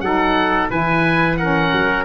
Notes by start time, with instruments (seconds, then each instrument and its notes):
0.00 tuba F#3, saxophone D#4, trumpet A4, oboe F#5
0.70 tuba E3, saxophone E4, trumpet B4, oboe G#5
1.36 saxophone C#4, trumpet A#4, oboe F#5
1.72 tuba F#3